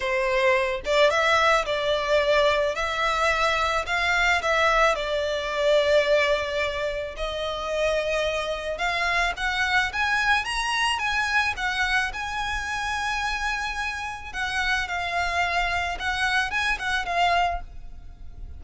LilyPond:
\new Staff \with { instrumentName = "violin" } { \time 4/4 \tempo 4 = 109 c''4. d''8 e''4 d''4~ | d''4 e''2 f''4 | e''4 d''2.~ | d''4 dis''2. |
f''4 fis''4 gis''4 ais''4 | gis''4 fis''4 gis''2~ | gis''2 fis''4 f''4~ | f''4 fis''4 gis''8 fis''8 f''4 | }